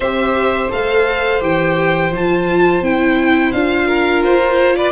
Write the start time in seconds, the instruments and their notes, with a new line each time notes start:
0.00 tuba C4, viola G4, violin C5 E5
0.70 tuba A3, viola A4, violin F5
1.40 tuba E3, viola G4, violin G5
2.11 tuba F3, viola F4, violin A5
2.81 tuba C4, viola E4, violin G5
3.52 tuba D4, viola F4, violin F5
3.87 violin A#4
4.23 tuba F4, violin C5
4.76 violin B4 D5